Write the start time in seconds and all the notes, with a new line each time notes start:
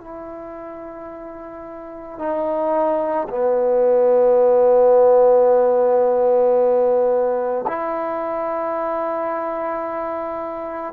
0.00 E4
2.18 D#4
3.29 B3
7.67 E4